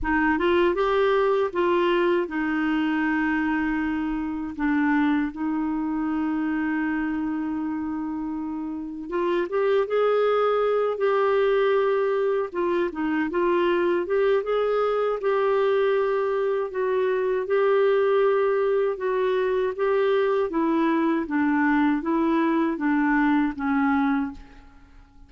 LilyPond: \new Staff \with { instrumentName = "clarinet" } { \time 4/4 \tempo 4 = 79 dis'8 f'8 g'4 f'4 dis'4~ | dis'2 d'4 dis'4~ | dis'1 | f'8 g'8 gis'4. g'4.~ |
g'8 f'8 dis'8 f'4 g'8 gis'4 | g'2 fis'4 g'4~ | g'4 fis'4 g'4 e'4 | d'4 e'4 d'4 cis'4 | }